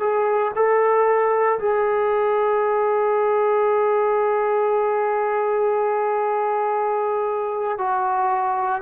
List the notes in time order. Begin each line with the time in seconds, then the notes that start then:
0.00 G#4
0.55 A4
1.59 G#4
7.78 F#4